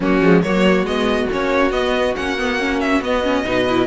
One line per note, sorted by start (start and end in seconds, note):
0.00 0.21 F#3
0.00 0.22 A#3
0.00 0.43 C#4
0.00 0.42 F#4
0.21 0.42 F3
0.21 0.44 G#3
0.42 0.83 F#3
0.42 0.86 A#3
0.42 3.45 F#4
0.42 0.85 C#5
0.83 1.26 G#3
0.83 1.29 B3
0.83 1.29 D#5
1.31 1.71 A#3
1.31 1.71 C#4
1.31 1.71 C#5
1.71 2.14 B3
1.71 2.14 D#5
2.16 3.00 A#3
2.16 2.37 C#4
2.16 2.80 F#5
2.37 2.58 B3
2.58 3.01 C#4
2.80 3.01 E5
3.00 3.43 B3
3.00 3.23 B3
3.00 3.87 D#5
3.23 3.44 C#4
3.44 3.87 B2
3.44 3.66 D#4
3.44 3.87 B4
3.69 3.87 E4